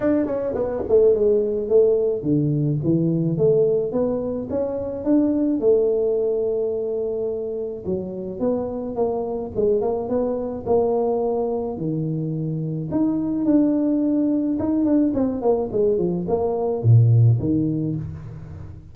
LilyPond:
\new Staff \with { instrumentName = "tuba" } { \time 4/4 \tempo 4 = 107 d'8 cis'8 b8 a8 gis4 a4 | d4 e4 a4 b4 | cis'4 d'4 a2~ | a2 fis4 b4 |
ais4 gis8 ais8 b4 ais4~ | ais4 dis2 dis'4 | d'2 dis'8 d'8 c'8 ais8 | gis8 f8 ais4 ais,4 dis4 | }